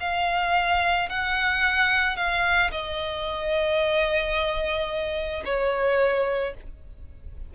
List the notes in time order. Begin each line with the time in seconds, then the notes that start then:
0.00 F5
1.09 F#5
2.16 F5
2.71 D#5
5.44 C#5